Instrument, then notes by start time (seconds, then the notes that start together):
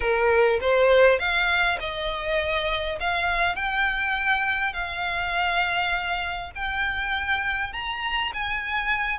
violin
0.00 A#4
0.60 C5
1.19 F5
1.80 D#5
2.99 F5
3.55 G5
4.73 F5
6.55 G5
7.72 A#5
8.33 G#5